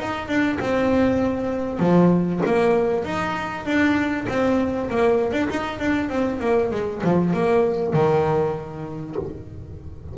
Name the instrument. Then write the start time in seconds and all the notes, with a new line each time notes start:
double bass
0.00 D#4
0.28 D4
0.60 C4
1.80 F3
2.46 A#3
3.05 D#4
3.66 D4
4.29 C4
4.91 A#3
5.33 D4
5.50 D#4
5.80 D4
6.10 C4
6.41 A#3
6.72 G#3
7.04 F3
7.34 A#3
7.94 D#3